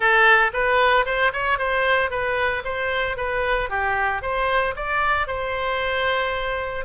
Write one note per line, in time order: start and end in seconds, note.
0.00 0.51 A4
0.53 1.05 B4
1.05 1.32 C5
1.32 1.58 C#5
1.58 2.10 C5
2.10 2.63 B4
2.64 3.17 C5
3.17 3.69 B4
3.69 4.22 G4
4.22 4.74 C5
4.76 5.27 D5
5.27 6.85 C5